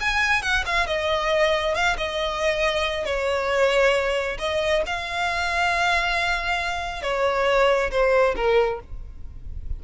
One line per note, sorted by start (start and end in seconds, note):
0.00 0.42 G#5
0.42 0.64 F#5
0.66 0.87 F5
0.87 1.74 D#5
1.74 1.96 F5
1.97 3.05 D#5
3.05 4.37 C#5
4.39 4.83 D#5
4.86 7.02 F5
7.02 7.90 C#5
7.91 8.35 C5
8.36 8.80 A#4